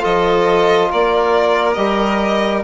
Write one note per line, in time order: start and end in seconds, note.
0.00 0.91 F3
0.00 1.74 F4
0.00 0.89 A4
0.00 0.91 D#5
0.90 1.76 A#3
0.90 2.64 A#4
0.90 1.73 D5
1.73 2.63 G3
1.73 2.63 G4
1.73 2.60 D#5